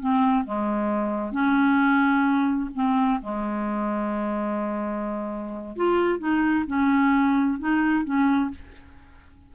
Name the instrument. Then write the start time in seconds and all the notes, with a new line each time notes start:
clarinet
0.00 C4
0.44 G#3
1.32 C#4
2.74 C4
3.22 G#3
5.76 F4
6.19 D#4
6.67 C#4
7.59 D#4
8.05 C#4